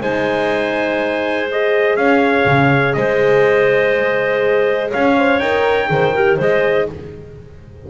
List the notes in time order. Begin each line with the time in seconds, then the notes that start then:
0.00 G#3 D#4 C5 G#5
1.51 G#4 D#5
1.96 C#4 C#5 F5
2.46 C#3
2.93 G#3 C5 D#5
4.90 C#4 C#5 F5
5.17 C5
5.39 D#4 A#4 G5
5.87 D#3 G#4 C5
6.15 G4 A#4
6.36 G#3 G#4 C5 D#5